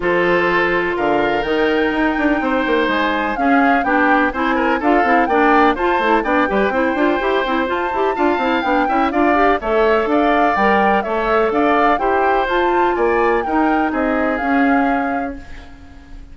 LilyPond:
<<
  \new Staff \with { instrumentName = "flute" } { \time 4/4 \tempo 4 = 125 c''2 f''4 g''4~ | g''2 gis''4 f''4 | g''4 gis''4 f''4 g''4 | a''4 g''2. |
a''2 g''4 f''4 | e''4 f''4 g''4 e''4 | f''4 g''4 a''4 gis''4 | g''4 dis''4 f''2 | }
  \new Staff \with { instrumentName = "oboe" } { \time 4/4 a'2 ais'2~ | ais'4 c''2 gis'4 | g'4 c''8 ais'8 a'4 d''4 | c''4 d''8 b'8 c''2~ |
c''4 f''4. e''8 d''4 | cis''4 d''2 cis''4 | d''4 c''2 d''4 | ais'4 gis'2. | }
  \new Staff \with { instrumentName = "clarinet" } { \time 4/4 f'2. dis'4~ | dis'2. cis'4 | d'4 e'4 f'8 e'8 d'4 | f'8 e'8 d'8 g'8 e'8 f'8 g'8 e'8 |
f'8 g'8 f'8 e'8 d'8 e'8 f'8 g'8 | a'2 ais'4 a'4~ | a'4 g'4 f'2 | dis'2 cis'2 | }
  \new Staff \with { instrumentName = "bassoon" } { \time 4/4 f2 d4 dis4 | dis'8 d'8 c'8 ais8 gis4 cis'4 | b4 c'4 d'8 c'8 ais4 | f'8 a8 b8 g8 c'8 d'8 e'8 c'8 |
f'8 e'8 d'8 c'8 b8 cis'8 d'4 | a4 d'4 g4 a4 | d'4 e'4 f'4 ais4 | dis'4 c'4 cis'2 | }
>>